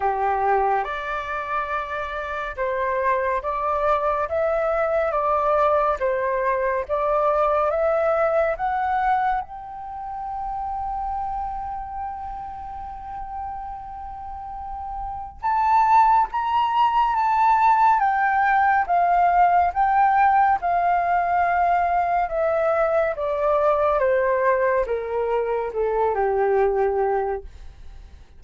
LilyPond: \new Staff \with { instrumentName = "flute" } { \time 4/4 \tempo 4 = 70 g'4 d''2 c''4 | d''4 e''4 d''4 c''4 | d''4 e''4 fis''4 g''4~ | g''1~ |
g''2 a''4 ais''4 | a''4 g''4 f''4 g''4 | f''2 e''4 d''4 | c''4 ais'4 a'8 g'4. | }